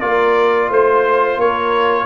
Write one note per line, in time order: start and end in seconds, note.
0.00 0.69 A#3
0.00 2.06 F4
0.00 0.69 A#4
0.00 0.69 D5
0.69 1.36 A3
0.69 1.38 C5
0.69 1.39 C5
1.36 2.05 A#3
1.36 2.06 A#4
1.36 2.06 C#5